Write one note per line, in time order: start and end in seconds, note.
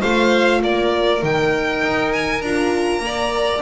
0.00 0.63 A3
0.00 1.20 F4
0.00 0.60 C5
0.00 0.62 F5
0.63 1.23 A#3
0.63 3.03 A#4
0.63 1.24 D5
1.22 1.82 D#3
1.22 2.42 D#4
1.22 2.13 G5
1.82 2.42 D#4
2.13 2.42 G#5
2.42 3.00 D4
2.42 3.04 F4
2.42 3.62 A#5
3.00 3.60 A#3
3.00 3.62 A#4
3.06 3.62 D5